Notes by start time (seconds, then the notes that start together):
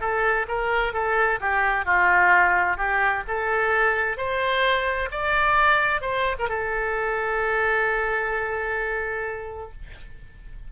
0.00 A4
0.48 A#4
0.93 A4
1.40 G4
1.85 F4
2.77 G4
3.27 A4
4.17 C5
5.11 D5
6.01 C5
6.39 A#4
6.49 A4